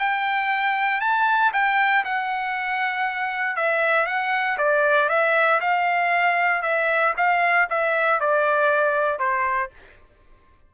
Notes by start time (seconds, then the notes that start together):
0.00 G5
1.01 A5
1.54 G5
2.05 F#5
3.57 E5
4.07 F#5
4.59 D5
5.10 E5
5.61 F5
6.63 E5
7.18 F5
7.70 E5
8.21 D5
9.20 C5